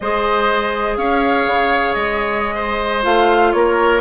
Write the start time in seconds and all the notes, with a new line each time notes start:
0.00 G#3 G#4 C5 D#5
0.97 C#4 C#5 F5
1.46 C#3
1.93 G#3 D#5
2.54 C5
3.02 A3 F4 F5
3.52 A#3 A#4 C#5